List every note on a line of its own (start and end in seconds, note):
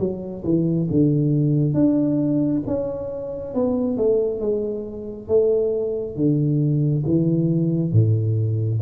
0.00 0.44 F#3
0.45 0.89 E3
0.91 1.74 D3
1.74 2.63 D4
2.68 3.55 C#4
3.55 3.98 B3
3.98 4.41 A3
4.41 5.28 G#3
5.28 6.16 A3
6.16 7.05 D3
7.06 7.93 E3
7.93 8.81 A2